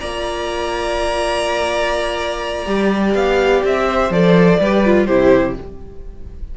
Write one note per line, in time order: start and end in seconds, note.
0.00 2.67 A#3
0.00 2.66 F4
0.00 3.87 D5
0.00 3.14 A#5
2.66 3.14 G3
2.66 4.11 G4
3.14 3.63 B3
3.14 3.63 F5
3.64 4.10 C4
3.64 4.12 E5
3.87 4.60 C5
4.10 4.58 F3
4.10 4.61 A4
4.10 5.06 D5
4.60 5.08 G3
4.60 4.85 G4
4.60 5.07 B4
4.85 5.08 F4
5.06 5.57 C3
5.06 5.57 E4
5.06 5.55 G4
5.06 5.55 C5